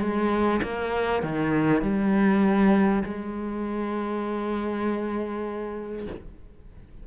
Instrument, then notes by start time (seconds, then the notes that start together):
cello
0.00 G#3
0.63 A#3
1.23 D#3
1.82 G3
3.04 G#3